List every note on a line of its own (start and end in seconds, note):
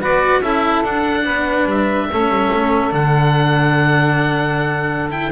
0.00 0.40 B3
0.00 0.42 F#4
0.00 0.42 B4
0.00 0.42 D5
0.40 0.82 C#4
0.40 0.84 E4
0.40 1.24 A4
0.40 0.83 E5
0.83 1.24 D4
0.83 2.09 D4
0.83 1.68 F#5
1.24 1.65 B3
1.24 2.07 B4
1.65 2.07 G3
1.65 2.94 E5
2.12 2.28 A3
2.12 2.91 C#4
2.12 5.32 A4
2.28 2.49 G3
2.53 2.92 A3
2.91 5.32 D3
2.91 5.09 D4
2.91 5.11 F#5
5.11 5.31 E4
5.11 5.32 G5